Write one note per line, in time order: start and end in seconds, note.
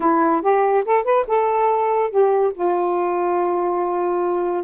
0.00 0.42 E4
0.42 0.84 G4
0.85 1.04 A4
1.04 1.25 B4
1.27 2.10 A4
2.10 2.52 G4
2.54 4.63 F4